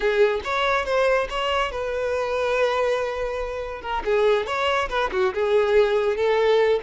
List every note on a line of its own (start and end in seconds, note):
0.00 0.40 G#4
0.44 0.85 C#5
0.85 1.27 C5
1.29 1.71 C#5
1.71 3.81 B4
3.81 4.03 A#4
4.04 4.46 G#4
4.46 4.88 C#5
4.89 5.10 B4
5.12 5.33 F#4
5.34 6.16 G#4
6.16 6.80 A4